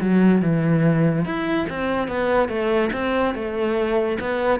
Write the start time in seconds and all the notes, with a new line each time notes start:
0.00 F#3
0.42 E3
1.25 E4
1.69 C4
2.08 B3
2.48 A3
2.93 C4
3.35 A3
4.20 B3